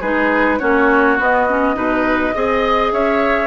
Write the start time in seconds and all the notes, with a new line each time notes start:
0.00 G#3 D#4 G#4 B4
0.59 A#3 C#4 F#4 C#5
1.17 B3 D#5
1.48 C#4
1.74 B2 D#4 B4
2.34 C4 G#4 D#5
2.92 C#4 C#5 E5